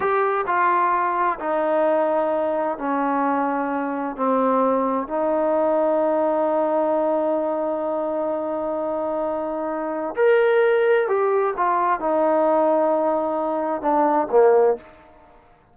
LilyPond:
\new Staff \with { instrumentName = "trombone" } { \time 4/4 \tempo 4 = 130 g'4 f'2 dis'4~ | dis'2 cis'2~ | cis'4 c'2 dis'4~ | dis'1~ |
dis'1~ | dis'2 ais'2 | g'4 f'4 dis'2~ | dis'2 d'4 ais4 | }